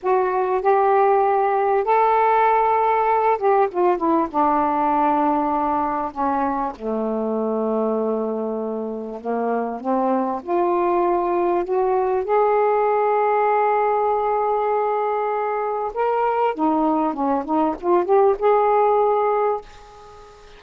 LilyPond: \new Staff \with { instrumentName = "saxophone" } { \time 4/4 \tempo 4 = 98 fis'4 g'2 a'4~ | a'4. g'8 f'8 e'8 d'4~ | d'2 cis'4 a4~ | a2. ais4 |
c'4 f'2 fis'4 | gis'1~ | gis'2 ais'4 dis'4 | cis'8 dis'8 f'8 g'8 gis'2 | }